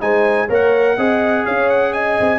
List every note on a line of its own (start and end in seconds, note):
0.00 0.49 G#3
0.00 0.48 D#4
0.00 0.47 C5
0.00 0.49 G#5
0.47 0.97 A#3
0.47 0.97 A#4
0.47 0.95 C#5
0.47 1.46 F#5
0.96 1.45 C4
0.96 2.39 G#4
0.96 1.45 D#5
1.45 2.19 C#4
1.45 1.93 C#5
1.45 1.69 F5
1.69 1.93 F#5
1.93 2.39 D#5
1.93 2.39 G#5
2.19 2.39 C4